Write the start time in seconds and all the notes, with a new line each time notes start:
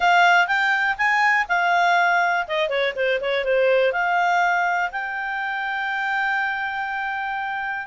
0.00 F5
0.47 G5
0.97 G#5
1.48 F5
2.47 D#5
2.69 C#5
2.95 C5
3.21 C#5
3.44 C5
3.92 F5
4.91 G5